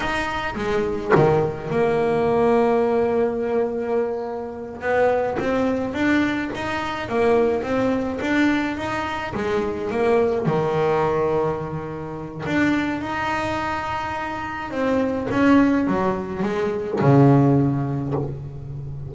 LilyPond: \new Staff \with { instrumentName = "double bass" } { \time 4/4 \tempo 4 = 106 dis'4 gis4 dis4 ais4~ | ais1~ | ais8 b4 c'4 d'4 dis'8~ | dis'8 ais4 c'4 d'4 dis'8~ |
dis'8 gis4 ais4 dis4.~ | dis2 d'4 dis'4~ | dis'2 c'4 cis'4 | fis4 gis4 cis2 | }